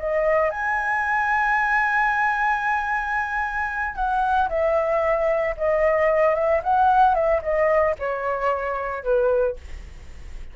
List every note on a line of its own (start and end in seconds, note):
0.00 0.51 D#5
0.51 3.96 G#5
3.96 4.49 F#5
4.49 5.56 E5
5.58 6.35 D#5
6.35 6.62 E5
6.64 7.15 F#5
7.15 7.41 E5
7.43 7.96 D#5
8.00 9.04 C#5
9.04 9.57 B4